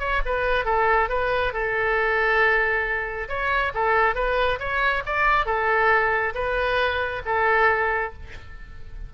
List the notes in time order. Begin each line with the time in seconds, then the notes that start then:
0.00 C#5
0.26 B4
0.65 A4
1.09 B4
1.53 A4
3.29 C#5
3.75 A4
4.15 B4
4.60 C#5
5.06 D5
5.46 A4
6.35 B4
7.26 A4